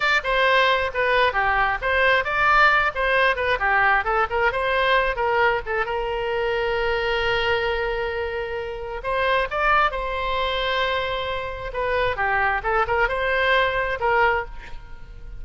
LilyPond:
\new Staff \with { instrumentName = "oboe" } { \time 4/4 \tempo 4 = 133 d''8 c''4. b'4 g'4 | c''4 d''4. c''4 b'8 | g'4 a'8 ais'8 c''4. ais'8~ | ais'8 a'8 ais'2.~ |
ais'1 | c''4 d''4 c''2~ | c''2 b'4 g'4 | a'8 ais'8 c''2 ais'4 | }